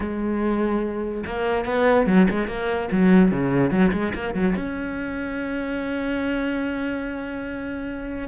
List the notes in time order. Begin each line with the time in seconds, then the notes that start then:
0.00 G#3
1.25 A#3
1.65 B3
2.06 F#3
2.30 G#3
2.47 A#3
2.91 F#3
3.31 C#3
3.71 F#3
3.92 G#3
4.14 A#3
4.34 F#3
4.56 C#4